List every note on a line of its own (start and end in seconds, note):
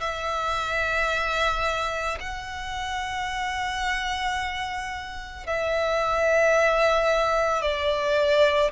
0.00 2.18 E5
2.20 5.46 F#5
5.46 7.62 E5
7.62 8.71 D5